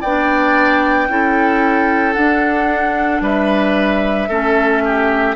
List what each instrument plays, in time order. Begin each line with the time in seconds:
0.00 bassoon B3, clarinet D4, oboe D5, flute G5
1.08 bassoon C#4, clarinet E4, oboe A4
2.13 clarinet D4, bassoon D4, flute F#5
3.21 bassoon G3, oboe B4, flute E5
4.28 bassoon A3, clarinet C#4, oboe A4
4.85 oboe G4